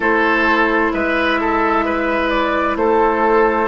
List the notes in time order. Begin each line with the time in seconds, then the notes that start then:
0.00 A3 E4 A4 C5
0.93 G#3 B4 E5
1.40 A4
1.85 B4
2.29 D5
2.76 A3 A4 C5